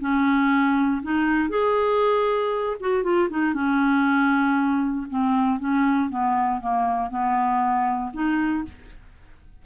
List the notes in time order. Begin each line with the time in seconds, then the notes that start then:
0.00 C#4
1.02 D#4
1.49 G#4
2.80 F#4
3.03 F4
3.30 D#4
3.54 C#4
5.10 C4
5.59 C#4
6.09 B3
6.60 A#3
7.10 B3
8.13 D#4